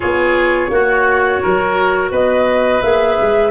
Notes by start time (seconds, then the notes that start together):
0.00 B3 F4 G#4 C#5
0.70 A#3 F#4
1.41 F#3 A#4
2.11 B3 B4 D#5
2.81 A#3 G#4 E5
3.20 G#3